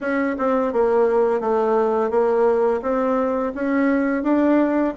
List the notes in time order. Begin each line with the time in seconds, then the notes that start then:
0.00 C#4
0.38 C4
0.73 A#3
1.40 A3
2.10 A#3
2.82 C4
3.54 C#4
4.23 D4